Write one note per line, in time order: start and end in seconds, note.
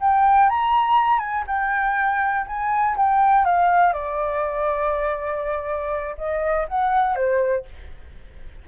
0.00 0.49 G5
0.49 1.19 A#5
1.19 1.44 G#5
1.47 2.46 G5
2.47 2.96 G#5
2.96 3.45 G5
3.45 3.93 F5
3.93 6.16 D5
6.17 6.67 D#5
6.68 7.15 F#5
7.15 7.65 C5